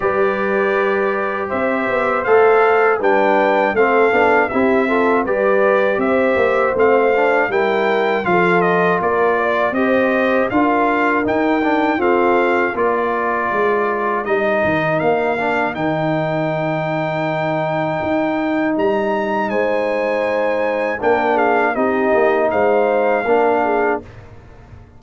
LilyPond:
<<
  \new Staff \with { instrumentName = "trumpet" } { \time 4/4 \tempo 4 = 80 d''2 e''4 f''4 | g''4 f''4 e''4 d''4 | e''4 f''4 g''4 f''8 dis''8 | d''4 dis''4 f''4 g''4 |
f''4 d''2 dis''4 | f''4 g''2.~ | g''4 ais''4 gis''2 | g''8 f''8 dis''4 f''2 | }
  \new Staff \with { instrumentName = "horn" } { \time 4/4 b'2 c''2 | b'4 a'4 g'8 a'8 b'4 | c''2 ais'4 a'4 | ais'8 d''8 c''4 ais'2 |
a'4 ais'2.~ | ais'1~ | ais'2 c''2 | ais'8 gis'8 g'4 c''4 ais'8 gis'8 | }
  \new Staff \with { instrumentName = "trombone" } { \time 4/4 g'2. a'4 | d'4 c'8 d'8 e'8 f'8 g'4~ | g'4 c'8 d'8 e'4 f'4~ | f'4 g'4 f'4 dis'8 d'8 |
c'4 f'2 dis'4~ | dis'8 d'8 dis'2.~ | dis'1 | d'4 dis'2 d'4 | }
  \new Staff \with { instrumentName = "tuba" } { \time 4/4 g2 c'8 b8 a4 | g4 a8 b8 c'4 g4 | c'8 ais8 a4 g4 f4 | ais4 c'4 d'4 dis'4 |
f'4 ais4 gis4 g8 dis8 | ais4 dis2. | dis'4 g4 gis2 | ais4 c'8 ais8 gis4 ais4 | }
>>